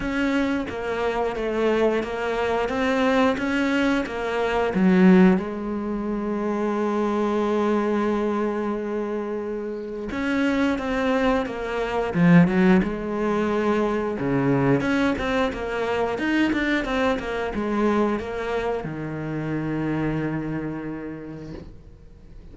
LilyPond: \new Staff \with { instrumentName = "cello" } { \time 4/4 \tempo 4 = 89 cis'4 ais4 a4 ais4 | c'4 cis'4 ais4 fis4 | gis1~ | gis2. cis'4 |
c'4 ais4 f8 fis8 gis4~ | gis4 cis4 cis'8 c'8 ais4 | dis'8 d'8 c'8 ais8 gis4 ais4 | dis1 | }